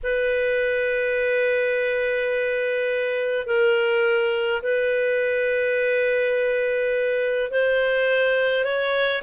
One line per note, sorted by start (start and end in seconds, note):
0.03 3.46 B4
3.46 4.62 A#4
4.62 7.50 B4
7.50 8.64 C5
8.64 9.22 C#5